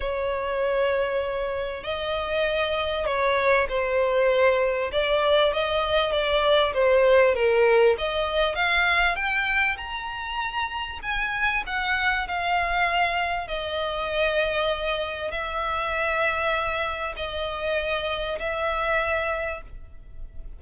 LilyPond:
\new Staff \with { instrumentName = "violin" } { \time 4/4 \tempo 4 = 98 cis''2. dis''4~ | dis''4 cis''4 c''2 | d''4 dis''4 d''4 c''4 | ais'4 dis''4 f''4 g''4 |
ais''2 gis''4 fis''4 | f''2 dis''2~ | dis''4 e''2. | dis''2 e''2 | }